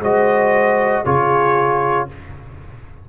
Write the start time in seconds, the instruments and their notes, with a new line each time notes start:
0.00 tuba G#3, trombone F#4, horn C5, trumpet D#5
1.05 tuba C#3, trombone F4, horn G#4, trumpet C#5